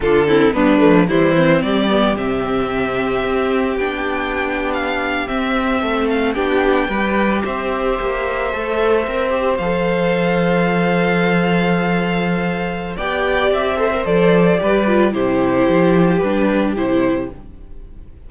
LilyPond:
<<
  \new Staff \with { instrumentName = "violin" } { \time 4/4 \tempo 4 = 111 a'4 b'4 c''4 d''4 | e''2. g''4~ | g''8. f''4 e''4. f''8 g''16~ | g''4.~ g''16 e''2~ e''16~ |
e''4.~ e''16 f''2~ f''16~ | f''1 | g''4 e''4 d''2 | c''2 b'4 c''4 | }
  \new Staff \with { instrumentName = "violin" } { \time 4/4 f'8 e'8 d'4 e'4 g'4~ | g'1~ | g'2~ g'8. a'4 g'16~ | g'8. b'4 c''2~ c''16~ |
c''1~ | c''1 | d''4. c''4. b'4 | g'1 | }
  \new Staff \with { instrumentName = "viola" } { \time 4/4 d'8 c'8 b8 a8 g8 c'4 b8 | c'2. d'4~ | d'4.~ d'16 c'2 d'16~ | d'8. g'2. a'16~ |
a'8. ais'8 g'8 a'2~ a'16~ | a'1 | g'4. a'16 ais'16 a'4 g'8 f'8 | e'2 d'4 e'4 | }
  \new Staff \with { instrumentName = "cello" } { \time 4/4 d4 g8 f8 e4 g4 | c2 c'4 b4~ | b4.~ b16 c'4 a4 b16~ | b8. g4 c'4 ais4 a16~ |
a8. c'4 f2~ f16~ | f1 | b4 c'4 f4 g4 | c4 f4 g4 c4 | }
>>